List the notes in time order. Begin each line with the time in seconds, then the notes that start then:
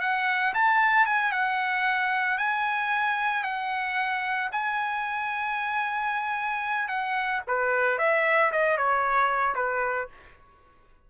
0.00 F#5
0.54 A5
1.05 G#5
1.31 F#5
2.37 G#5
3.43 F#5
4.52 G#5
6.88 F#5
7.47 B4
7.98 E5
8.51 D#5
8.77 C#5
9.55 B4